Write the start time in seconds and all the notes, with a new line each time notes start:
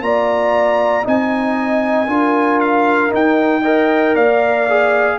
0.00 A#3 F4 D5 A#5
1.03 C4 D#4 D#5 G#5
2.07 D4 F4 A#4
2.60 F5
3.09 D#4 G5
3.62 A#4 D#5
4.14 A#3 D5 F5
4.69 G#4